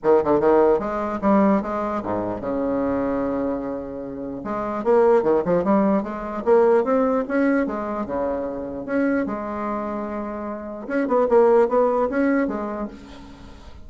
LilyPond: \new Staff \with { instrumentName = "bassoon" } { \time 4/4 \tempo 4 = 149 dis8 d8 dis4 gis4 g4 | gis4 gis,4 cis2~ | cis2. gis4 | ais4 dis8 f8 g4 gis4 |
ais4 c'4 cis'4 gis4 | cis2 cis'4 gis4~ | gis2. cis'8 b8 | ais4 b4 cis'4 gis4 | }